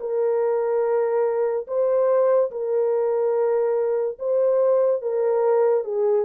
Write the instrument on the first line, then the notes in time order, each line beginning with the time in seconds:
horn
0.00 A#4
1.67 C5
2.51 A#4
4.19 C5
5.02 A#4
5.84 G#4